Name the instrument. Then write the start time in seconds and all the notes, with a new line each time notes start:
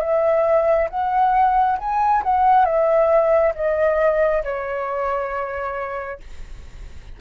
flute
0.00 E5
0.89 F#5
1.78 G#5
2.23 F#5
2.65 E5
3.55 D#5
4.43 C#5